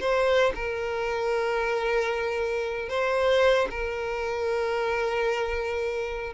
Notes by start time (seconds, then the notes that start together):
0.00 C5
0.55 A#4
2.89 C5
3.70 A#4